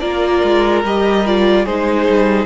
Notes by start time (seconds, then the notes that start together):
0.00 A#3 F4 A#4 D5
0.43 G#3
0.84 G3 G4 D#5
1.26 F4 D5
1.65 G#3 D#4 G#4 C5
2.09 G3